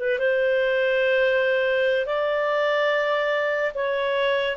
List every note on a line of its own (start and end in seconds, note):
0.00 0.19 B4
0.19 2.06 C5
2.06 3.73 D5
3.75 4.57 C#5